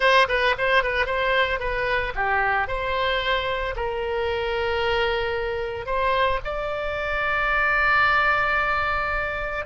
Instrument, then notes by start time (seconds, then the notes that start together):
oboe
0.00 C5
0.28 B4
0.57 C5
0.83 B4
1.06 C5
1.59 B4
2.15 G4
2.67 C5
3.76 A#4
5.86 C5
6.44 D5